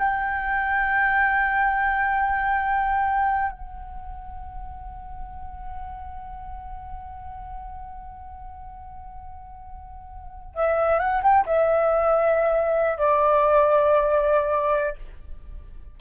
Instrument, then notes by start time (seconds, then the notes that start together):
flute
0.00 G5
3.53 F#5
10.55 E5
11.00 F#5
11.23 G5
11.46 E5
12.98 D5